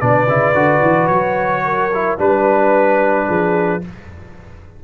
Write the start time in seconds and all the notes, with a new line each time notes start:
0.00 B2 D4 B4 D5
0.28 C#3 E4
0.54 D3 F#4
0.82 E3
1.08 F#3 C#5
1.65 A#4
1.94 E4
2.18 G3 D4 B4
3.28 F3 G#4